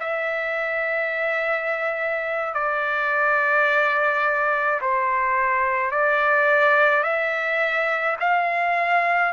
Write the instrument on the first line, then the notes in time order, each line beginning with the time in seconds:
trumpet
0.00 E5
2.54 D5
4.81 C5
5.91 D5
7.03 E5
8.20 F5